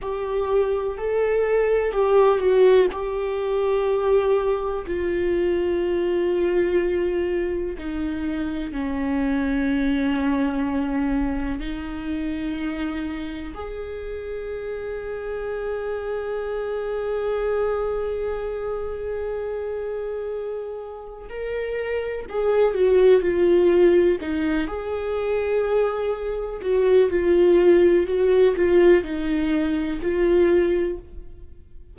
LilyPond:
\new Staff \with { instrumentName = "viola" } { \time 4/4 \tempo 4 = 62 g'4 a'4 g'8 fis'8 g'4~ | g'4 f'2. | dis'4 cis'2. | dis'2 gis'2~ |
gis'1~ | gis'2 ais'4 gis'8 fis'8 | f'4 dis'8 gis'2 fis'8 | f'4 fis'8 f'8 dis'4 f'4 | }